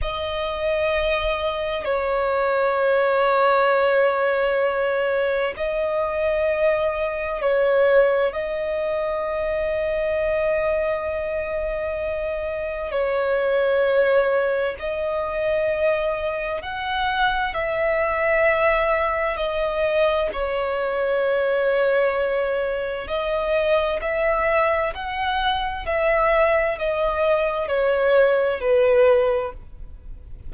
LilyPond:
\new Staff \with { instrumentName = "violin" } { \time 4/4 \tempo 4 = 65 dis''2 cis''2~ | cis''2 dis''2 | cis''4 dis''2.~ | dis''2 cis''2 |
dis''2 fis''4 e''4~ | e''4 dis''4 cis''2~ | cis''4 dis''4 e''4 fis''4 | e''4 dis''4 cis''4 b'4 | }